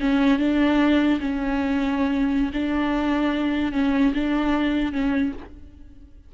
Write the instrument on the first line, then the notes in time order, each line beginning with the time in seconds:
viola
0.00 C#4
0.39 D4
1.20 C#4
2.53 D4
3.72 C#4
4.14 D4
4.92 C#4